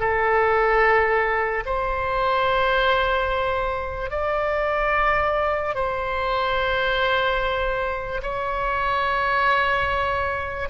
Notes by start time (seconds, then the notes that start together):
0.00 A4
1.66 C5
4.11 D5
5.75 C5
8.23 C#5